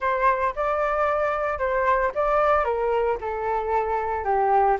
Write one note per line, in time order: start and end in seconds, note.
0.00 0.53 C5
0.55 1.58 D5
1.58 2.11 C5
2.15 2.64 D5
2.64 3.17 A#4
3.20 4.24 A4
4.24 4.77 G4